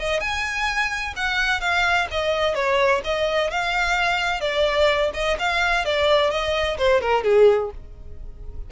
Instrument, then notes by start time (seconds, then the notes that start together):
violin
0.00 D#5
0.21 G#5
1.17 F#5
1.61 F5
2.12 D#5
2.55 C#5
3.05 D#5
3.51 F5
4.41 D5
5.15 D#5
5.40 F5
5.86 D5
6.31 D#5
6.78 C5
7.02 A#4
7.24 G#4